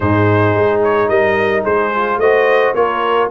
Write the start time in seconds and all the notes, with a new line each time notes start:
0.00 G#2 D#4 G#4 C5
0.55 G#3
0.83 C#5
1.08 G3 A#4 D#5
1.63 G#3 G#4 C5
1.94 F4
2.17 A3 F#4 C5 D#5
2.74 A#3 F4 A#4 C#5